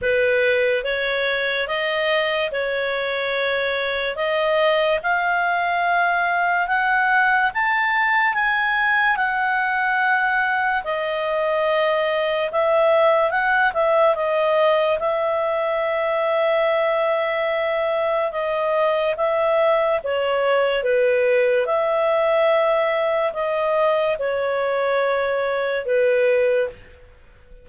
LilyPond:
\new Staff \with { instrumentName = "clarinet" } { \time 4/4 \tempo 4 = 72 b'4 cis''4 dis''4 cis''4~ | cis''4 dis''4 f''2 | fis''4 a''4 gis''4 fis''4~ | fis''4 dis''2 e''4 |
fis''8 e''8 dis''4 e''2~ | e''2 dis''4 e''4 | cis''4 b'4 e''2 | dis''4 cis''2 b'4 | }